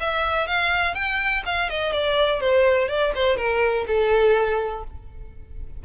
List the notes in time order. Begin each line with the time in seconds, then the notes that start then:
0.00 E5
0.47 F5
0.94 G5
1.45 F5
1.70 D#5
1.92 D5
2.40 C5
2.88 D5
3.15 C5
3.37 A#4
3.87 A4